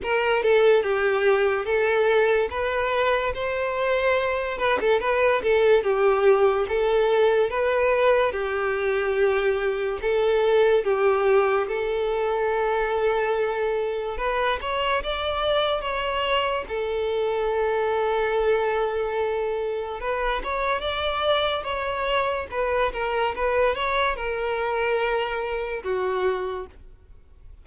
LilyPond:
\new Staff \with { instrumentName = "violin" } { \time 4/4 \tempo 4 = 72 ais'8 a'8 g'4 a'4 b'4 | c''4. b'16 a'16 b'8 a'8 g'4 | a'4 b'4 g'2 | a'4 g'4 a'2~ |
a'4 b'8 cis''8 d''4 cis''4 | a'1 | b'8 cis''8 d''4 cis''4 b'8 ais'8 | b'8 cis''8 ais'2 fis'4 | }